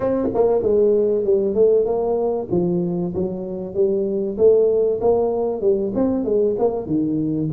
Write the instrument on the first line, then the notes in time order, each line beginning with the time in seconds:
tuba
0.00 C4
0.34 A#3
0.62 G#3
1.24 G3
1.54 A3
1.85 A#3
2.51 F3
3.14 F#3
3.74 G3
4.37 A3
5.01 A#3
5.61 G3
5.94 C4
6.24 G#3
6.59 A#3
6.86 D#3